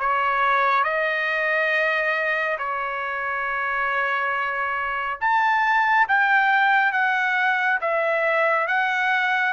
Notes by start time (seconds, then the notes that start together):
0.00 C#5
0.85 D#5
2.58 C#5
5.21 A5
6.09 G5
6.93 F#5
7.81 E5
8.68 F#5